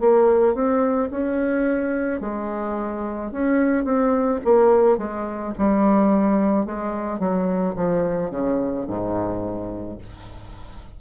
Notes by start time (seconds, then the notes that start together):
0.00 A#3
0.54 C4
1.11 C#4
2.20 G#3
3.32 C#4
3.84 C4
4.44 A#3
4.98 G#3
5.58 G3
6.66 G#3
7.19 F#3
7.76 F3
8.31 C#3
8.87 G#2